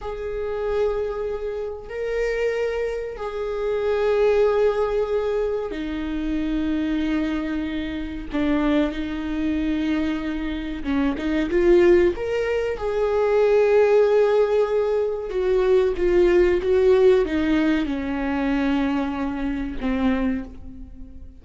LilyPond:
\new Staff \with { instrumentName = "viola" } { \time 4/4 \tempo 4 = 94 gis'2. ais'4~ | ais'4 gis'2.~ | gis'4 dis'2.~ | dis'4 d'4 dis'2~ |
dis'4 cis'8 dis'8 f'4 ais'4 | gis'1 | fis'4 f'4 fis'4 dis'4 | cis'2. c'4 | }